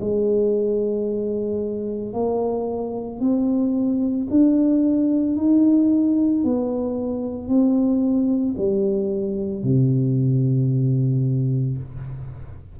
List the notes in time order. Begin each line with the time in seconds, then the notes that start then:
0.00 G#3
2.13 A#3
3.19 C4
4.30 D4
5.36 D#4
6.43 B3
7.48 C4
8.57 G3
9.63 C3